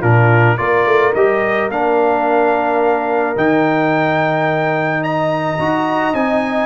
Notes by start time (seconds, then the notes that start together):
0.00 A#2 D4 F4 A#4
0.57 A#3 F4 A#4 D5
0.86 A3
1.14 G3 G4 D#5
1.68 A#3 D4 F5
3.36 D#3 D#4 G5
5.03 D#5 A#5
5.59 D#4 F#4
6.13 C4 D#4 G#5